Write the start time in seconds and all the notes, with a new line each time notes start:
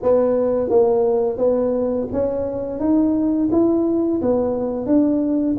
0.02 B3
0.69 A#3
1.37 B3
2.12 C#4
2.79 D#4
3.51 E4
4.21 B3
4.86 D4